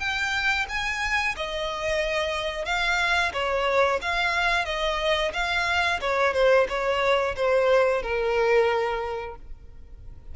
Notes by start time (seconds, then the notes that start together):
0.00 G5
0.69 G#5
1.37 D#5
2.66 F5
3.34 C#5
4.02 F5
4.66 D#5
5.34 F5
6.01 C#5
6.34 C5
6.69 C#5
7.36 C5
8.03 A#4